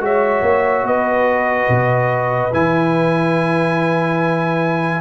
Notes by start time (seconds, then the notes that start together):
0.00 G#3 F#4 C#5 E5
0.42 A#3
0.83 B3 B4 D#5
1.68 B2
2.53 E3 E4 G#5